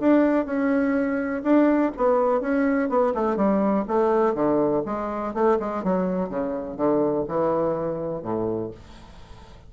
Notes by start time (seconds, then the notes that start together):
0.00 D4
0.46 C#4
1.43 D4
1.97 B3
2.41 C#4
2.89 B3
3.15 A3
3.37 G3
3.88 A3
4.35 D3
4.86 G#3
5.34 A3
5.60 G#3
5.84 F#3
6.29 C#3
6.77 D3
7.28 E3
8.23 A2